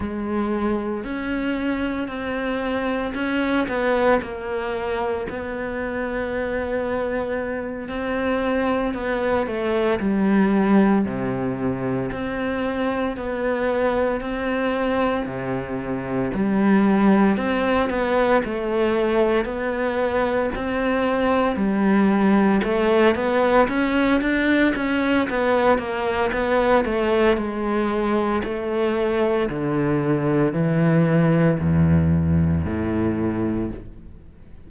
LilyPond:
\new Staff \with { instrumentName = "cello" } { \time 4/4 \tempo 4 = 57 gis4 cis'4 c'4 cis'8 b8 | ais4 b2~ b8 c'8~ | c'8 b8 a8 g4 c4 c'8~ | c'8 b4 c'4 c4 g8~ |
g8 c'8 b8 a4 b4 c'8~ | c'8 g4 a8 b8 cis'8 d'8 cis'8 | b8 ais8 b8 a8 gis4 a4 | d4 e4 e,4 a,4 | }